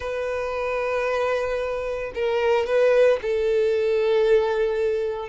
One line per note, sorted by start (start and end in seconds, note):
0.00 2.12 B4
2.15 2.66 A#4
2.66 3.19 B4
3.21 5.29 A4